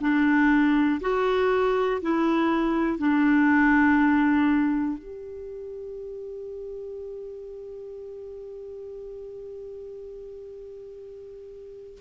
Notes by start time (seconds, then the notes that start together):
0.00 D4
1.00 F#4
2.01 E4
2.98 D4
4.98 G4